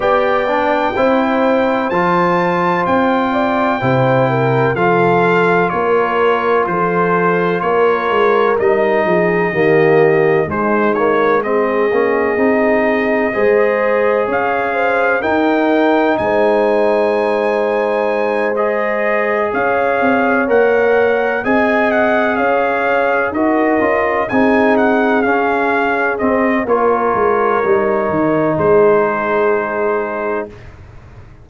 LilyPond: <<
  \new Staff \with { instrumentName = "trumpet" } { \time 4/4 \tempo 4 = 63 g''2 a''4 g''4~ | g''4 f''4 cis''4 c''4 | cis''4 dis''2 c''8 cis''8 | dis''2. f''4 |
g''4 gis''2~ gis''8 dis''8~ | dis''8 f''4 fis''4 gis''8 fis''8 f''8~ | f''8 dis''4 gis''8 fis''8 f''4 dis''8 | cis''2 c''2 | }
  \new Staff \with { instrumentName = "horn" } { \time 4/4 d''4 c''2~ c''8 d''8 | c''8 ais'8 a'4 ais'4 a'4 | ais'4. gis'8 g'4 dis'4 | gis'2 c''4 cis''8 c''8 |
ais'4 c''2.~ | c''8 cis''2 dis''4 cis''8~ | cis''8 ais'4 gis'2~ gis'8 | ais'2 gis'2 | }
  \new Staff \with { instrumentName = "trombone" } { \time 4/4 g'8 d'8 e'4 f'2 | e'4 f'2.~ | f'4 dis'4 ais4 gis8 ais8 | c'8 cis'8 dis'4 gis'2 |
dis'2.~ dis'8 gis'8~ | gis'4. ais'4 gis'4.~ | gis'8 fis'8 f'8 dis'4 cis'4 c'8 | f'4 dis'2. | }
  \new Staff \with { instrumentName = "tuba" } { \time 4/4 b4 c'4 f4 c'4 | c4 f4 ais4 f4 | ais8 gis8 g8 f8 dis4 gis4~ | gis8 ais8 c'4 gis4 cis'4 |
dis'4 gis2.~ | gis8 cis'8 c'8 ais4 c'4 cis'8~ | cis'8 dis'8 cis'8 c'4 cis'4 c'8 | ais8 gis8 g8 dis8 gis2 | }
>>